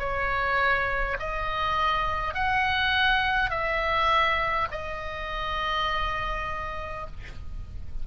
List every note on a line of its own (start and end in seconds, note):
0.00 1.18 C#5
1.20 2.34 D#5
2.34 3.50 F#5
3.50 4.68 E5
4.72 7.07 D#5